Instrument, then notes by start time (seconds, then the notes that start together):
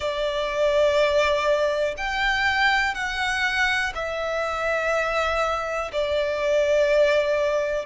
violin
0.00 D5
1.97 G5
2.94 F#5
3.94 E5
5.92 D5